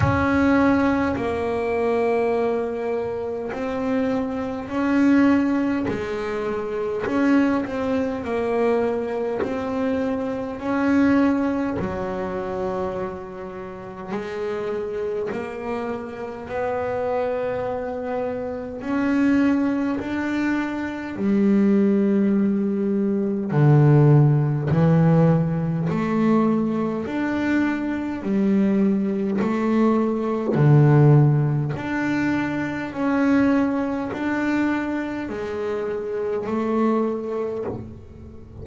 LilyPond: \new Staff \with { instrumentName = "double bass" } { \time 4/4 \tempo 4 = 51 cis'4 ais2 c'4 | cis'4 gis4 cis'8 c'8 ais4 | c'4 cis'4 fis2 | gis4 ais4 b2 |
cis'4 d'4 g2 | d4 e4 a4 d'4 | g4 a4 d4 d'4 | cis'4 d'4 gis4 a4 | }